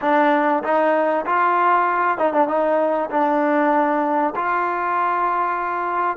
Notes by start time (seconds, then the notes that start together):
0.01 D4
0.63 D#4
1.26 F4
2.18 D#4
2.33 D4
2.47 D#4
3.10 D4
4.35 F4